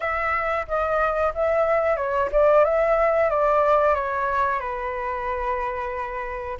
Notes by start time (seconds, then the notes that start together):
0.00 E5
0.67 D#5
1.34 E5
1.96 C#5
2.32 D5
2.64 E5
3.30 D5
3.94 C#5
4.59 B4